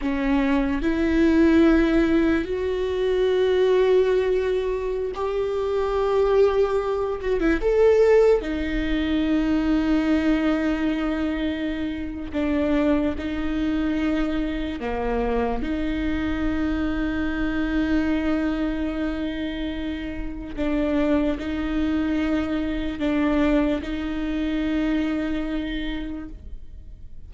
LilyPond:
\new Staff \with { instrumentName = "viola" } { \time 4/4 \tempo 4 = 73 cis'4 e'2 fis'4~ | fis'2~ fis'16 g'4.~ g'16~ | g'8. fis'16 e'16 a'4 dis'4.~ dis'16~ | dis'2. d'4 |
dis'2 ais4 dis'4~ | dis'1~ | dis'4 d'4 dis'2 | d'4 dis'2. | }